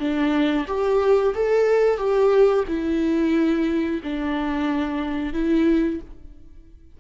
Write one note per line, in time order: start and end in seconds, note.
0.00 0.67 D4
0.68 1.34 G4
1.35 1.98 A4
1.98 2.64 G4
2.68 4.01 E4
4.03 5.34 D4
5.34 6.00 E4